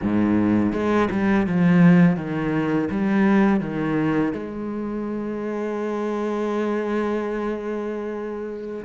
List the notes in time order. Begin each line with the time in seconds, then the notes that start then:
0.02 G#2
0.72 G#3
1.10 G3
1.46 F3
2.16 D#3
2.90 G3
3.60 D#3
4.32 G#3